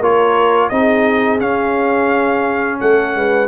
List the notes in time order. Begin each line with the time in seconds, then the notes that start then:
0.00 A#3 F4 A#4 C#5
0.69 C4 D#4 G#4 D#5
1.39 C#4 F5
2.80 A3 A4 F#5
3.16 G#3 B4